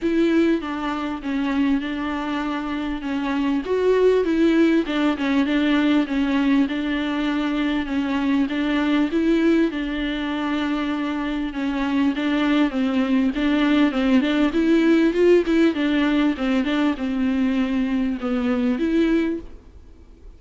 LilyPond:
\new Staff \with { instrumentName = "viola" } { \time 4/4 \tempo 4 = 99 e'4 d'4 cis'4 d'4~ | d'4 cis'4 fis'4 e'4 | d'8 cis'8 d'4 cis'4 d'4~ | d'4 cis'4 d'4 e'4 |
d'2. cis'4 | d'4 c'4 d'4 c'8 d'8 | e'4 f'8 e'8 d'4 c'8 d'8 | c'2 b4 e'4 | }